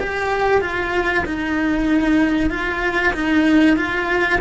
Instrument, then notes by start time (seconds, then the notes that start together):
cello
0.00 G4
0.61 F4
1.25 D#4
2.50 F4
3.13 D#4
3.76 F4